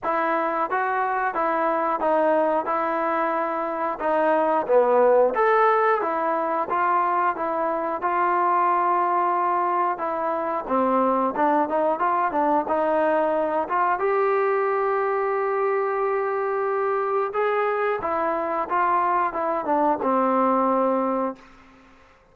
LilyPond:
\new Staff \with { instrumentName = "trombone" } { \time 4/4 \tempo 4 = 90 e'4 fis'4 e'4 dis'4 | e'2 dis'4 b4 | a'4 e'4 f'4 e'4 | f'2. e'4 |
c'4 d'8 dis'8 f'8 d'8 dis'4~ | dis'8 f'8 g'2.~ | g'2 gis'4 e'4 | f'4 e'8 d'8 c'2 | }